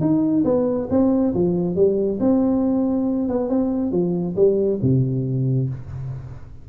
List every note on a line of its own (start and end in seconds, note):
0.00 0.43 D#4
0.44 0.88 B3
0.90 1.33 C4
1.34 1.75 F3
1.75 2.19 G3
2.20 3.28 C4
3.28 3.49 B3
3.49 3.91 C4
3.91 4.35 F3
4.36 4.79 G3
4.82 5.69 C3